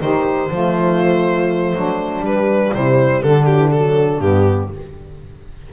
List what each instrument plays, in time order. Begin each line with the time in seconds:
0.00 double bass D#3, saxophone D#4 G4, violin C5
0.49 double bass F3, saxophone A3 F4
1.74 double bass F#3, saxophone D4
2.19 double bass G3, saxophone G3
2.25 violin B4
2.73 double bass C3, saxophone E4, violin C5
3.22 double bass D3, saxophone D4, violin A4
3.45 saxophone F#3, violin G4
3.58 saxophone E3
3.71 saxophone F#3, violin A4
4.19 double bass G2, saxophone B3, violin G4